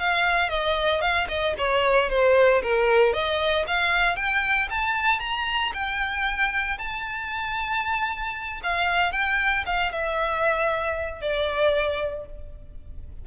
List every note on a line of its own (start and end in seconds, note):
0.00 0.49 F5
0.49 1.02 D#5
1.02 1.28 F5
1.29 1.55 D#5
1.58 2.10 C#5
2.10 2.62 C5
2.62 3.13 A#4
3.13 3.65 D#5
3.68 4.16 F5
4.16 4.68 G5
4.70 5.20 A5
5.20 5.72 A#5
5.74 6.78 G5
6.78 8.61 A5
8.63 9.12 F5
9.12 9.64 G5
9.66 9.92 F5
9.92 11.21 E5
11.21 12.26 D5